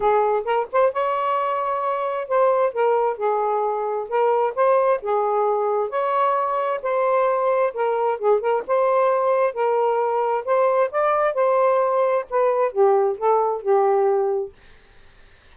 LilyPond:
\new Staff \with { instrumentName = "saxophone" } { \time 4/4 \tempo 4 = 132 gis'4 ais'8 c''8 cis''2~ | cis''4 c''4 ais'4 gis'4~ | gis'4 ais'4 c''4 gis'4~ | gis'4 cis''2 c''4~ |
c''4 ais'4 gis'8 ais'8 c''4~ | c''4 ais'2 c''4 | d''4 c''2 b'4 | g'4 a'4 g'2 | }